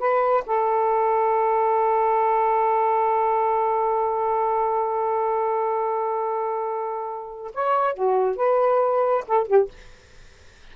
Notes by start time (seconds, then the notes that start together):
0.00 B4
0.47 A4
7.55 C#5
7.95 F#4
8.37 B4
9.28 A4
9.48 G4